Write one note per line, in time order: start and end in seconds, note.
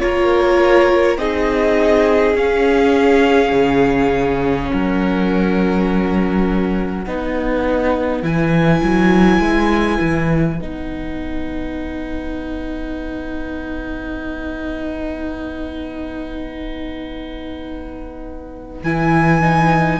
0.00 1.18 A#3
0.00 1.18 F4
0.00 1.19 A#4
0.00 1.18 C#5
1.18 2.35 C4
1.18 2.35 D#4
1.18 4.72 G#4
1.18 2.36 D#5
2.35 7.05 C#4
2.35 3.53 C#4
2.35 4.72 F5
3.53 4.70 C#3
4.72 7.06 F#3
4.72 7.06 A#4
4.72 8.25 F#5
7.06 8.23 B3
7.06 8.23 D#4
7.06 20.00 B4
8.23 8.82 E3
8.23 10.58 E4
8.23 10.60 G#5
8.83 9.40 F#3
9.40 9.99 G#3
10.01 10.60 E3
10.60 18.83 B3
10.60 18.85 D#4
10.60 18.83 F#5
18.84 20.00 E3
18.84 19.42 E4
18.84 20.00 G#5
19.42 20.00 D#4